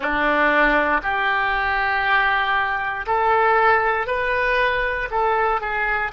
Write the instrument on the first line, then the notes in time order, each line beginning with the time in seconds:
oboe
0.00 D4
1.02 G4
3.06 A4
4.07 B4
5.11 A4
5.60 G#4